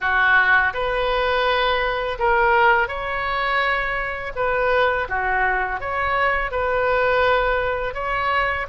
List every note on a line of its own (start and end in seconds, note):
0.00 0.73 F#4
0.73 2.18 B4
2.19 2.88 A#4
2.88 4.32 C#5
4.35 5.08 B4
5.08 5.80 F#4
5.80 6.51 C#5
6.51 7.94 B4
7.94 8.66 C#5